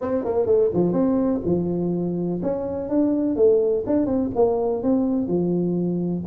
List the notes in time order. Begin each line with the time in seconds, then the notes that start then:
0.01 C4
0.24 A#3
0.46 A3
0.73 F3
0.93 C4
1.45 F3
2.42 C#4
2.89 D4
3.36 A3
3.86 D4
4.06 C4
4.35 A#3
4.82 C4
5.27 F3